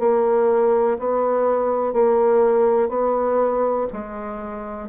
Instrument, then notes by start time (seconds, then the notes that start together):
bassoon
0.00 A#3
0.99 B3
1.93 A#3
2.89 B3
3.93 G#3